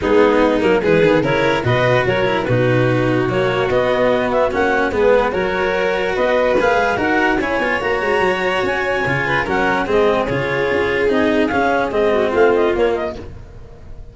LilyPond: <<
  \new Staff \with { instrumentName = "clarinet" } { \time 4/4 \tempo 4 = 146 gis'4. ais'8 b'4 cis''4 | dis''4 cis''4 b'2 | cis''4 dis''4. e''8 fis''4 | b'4 cis''2 dis''4 |
f''4 fis''4 gis''4 ais''4~ | ais''4 gis''2 fis''4 | dis''4 cis''2 dis''4 | f''4 dis''4 f''8 dis''8 cis''8 dis''8 | }
  \new Staff \with { instrumentName = "violin" } { \time 4/4 dis'2 gis'4 ais'4 | b'4 ais'4 fis'2~ | fis'1 | gis'4 ais'2 b'4~ |
b'4 ais'4 cis''2~ | cis''2~ cis''8 b'8 ais'4 | gis'1~ | gis'4. fis'8 f'2 | }
  \new Staff \with { instrumentName = "cello" } { \time 4/4 b4. ais8 gis8 b8 e'4 | fis'4. e'8 dis'2 | ais4 b2 cis'4 | b4 fis'2. |
gis'4 fis'4 e'8 f'8 fis'4~ | fis'2 f'4 cis'4 | c'4 f'2 dis'4 | cis'4 c'2 ais4 | }
  \new Staff \with { instrumentName = "tuba" } { \time 4/4 gis4. fis8 e8 dis8 cis4 | b,4 fis4 b,2 | fis4 b2 ais4 | gis4 fis2 b4 |
ais8 gis8 dis'4 cis'8 b8 ais8 gis8 | fis4 cis'4 cis4 fis4 | gis4 cis4 cis'4 c'4 | cis'4 gis4 a4 ais4 | }
>>